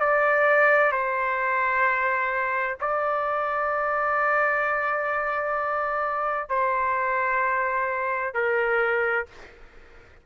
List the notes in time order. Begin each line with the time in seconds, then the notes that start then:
0.00 D5
0.92 C5
2.80 D5
6.50 C5
8.34 A#4